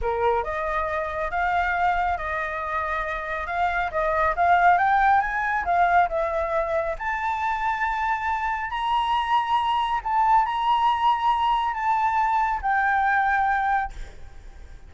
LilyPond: \new Staff \with { instrumentName = "flute" } { \time 4/4 \tempo 4 = 138 ais'4 dis''2 f''4~ | f''4 dis''2. | f''4 dis''4 f''4 g''4 | gis''4 f''4 e''2 |
a''1 | ais''2. a''4 | ais''2. a''4~ | a''4 g''2. | }